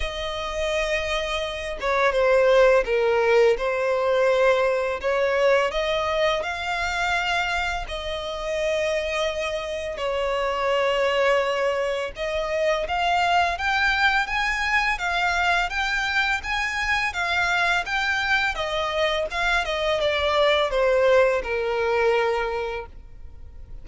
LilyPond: \new Staff \with { instrumentName = "violin" } { \time 4/4 \tempo 4 = 84 dis''2~ dis''8 cis''8 c''4 | ais'4 c''2 cis''4 | dis''4 f''2 dis''4~ | dis''2 cis''2~ |
cis''4 dis''4 f''4 g''4 | gis''4 f''4 g''4 gis''4 | f''4 g''4 dis''4 f''8 dis''8 | d''4 c''4 ais'2 | }